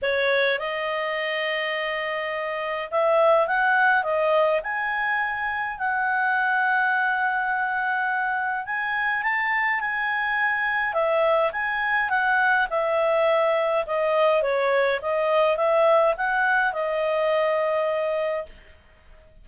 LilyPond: \new Staff \with { instrumentName = "clarinet" } { \time 4/4 \tempo 4 = 104 cis''4 dis''2.~ | dis''4 e''4 fis''4 dis''4 | gis''2 fis''2~ | fis''2. gis''4 |
a''4 gis''2 e''4 | gis''4 fis''4 e''2 | dis''4 cis''4 dis''4 e''4 | fis''4 dis''2. | }